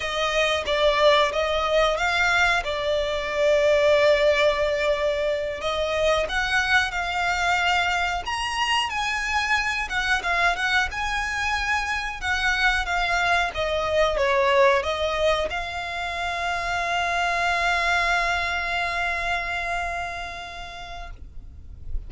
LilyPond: \new Staff \with { instrumentName = "violin" } { \time 4/4 \tempo 4 = 91 dis''4 d''4 dis''4 f''4 | d''1~ | d''8 dis''4 fis''4 f''4.~ | f''8 ais''4 gis''4. fis''8 f''8 |
fis''8 gis''2 fis''4 f''8~ | f''8 dis''4 cis''4 dis''4 f''8~ | f''1~ | f''1 | }